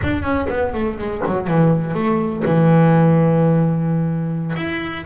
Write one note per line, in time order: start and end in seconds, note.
0.02 0.22 D4
0.22 0.47 C#4
0.49 0.73 B3
0.73 0.97 A3
0.97 1.22 G#3
1.26 1.47 F#3
1.47 1.93 E3
1.93 2.43 A3
2.45 4.54 E3
4.55 5.05 E4